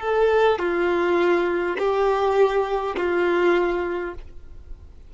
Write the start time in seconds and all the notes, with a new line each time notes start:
0.00 A4
0.59 F4
1.79 G4
2.97 F4